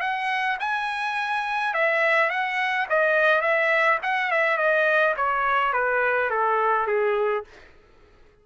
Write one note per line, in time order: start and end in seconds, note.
0.00 0.57 F#5
0.60 1.74 G#5
1.74 2.30 E5
2.30 2.87 F#5
2.89 3.41 D#5
3.41 3.98 E5
4.02 4.31 F#5
4.31 4.57 E5
4.57 5.15 D#5
5.17 5.73 C#5
5.73 6.30 B4
6.30 6.87 A4
6.87 7.44 G#4